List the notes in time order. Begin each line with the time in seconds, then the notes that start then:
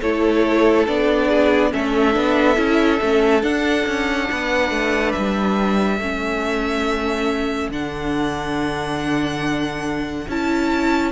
0.00 A3 E4 A4 C#5
0.87 B3 D4 D5
1.28 G#4
1.71 A3 C#4 A4 E5
2.12 B3 D4
2.56 C#4 E4
3.01 A3 C#4
3.42 D4 F#5
3.86 C#4
4.31 B3 B4
4.70 A3
5.12 G3 E5
5.99 A3 C#4 A4
7.69 D3 D4 F#5
10.28 C#4 E4 A5